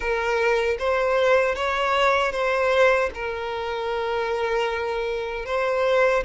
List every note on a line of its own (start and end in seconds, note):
0.00 0.77 A#4
0.78 1.55 C5
1.55 2.32 C#5
2.32 3.10 C5
3.14 5.45 A#4
5.45 6.23 C5